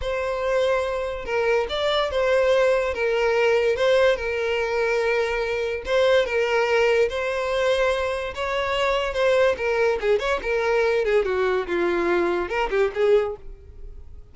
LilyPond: \new Staff \with { instrumentName = "violin" } { \time 4/4 \tempo 4 = 144 c''2. ais'4 | d''4 c''2 ais'4~ | ais'4 c''4 ais'2~ | ais'2 c''4 ais'4~ |
ais'4 c''2. | cis''2 c''4 ais'4 | gis'8 cis''8 ais'4. gis'8 fis'4 | f'2 ais'8 g'8 gis'4 | }